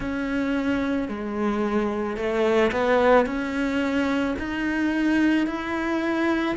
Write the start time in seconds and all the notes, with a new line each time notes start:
0.00 C#4
1.08 G#3
2.16 A3
2.71 B3
3.26 C#4
4.38 D#4
5.46 E4